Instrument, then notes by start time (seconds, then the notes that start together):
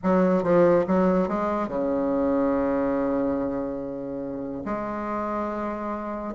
bassoon
0.03 F#3
0.43 F3
0.87 F#3
1.28 G#3
1.68 C#3
4.65 G#3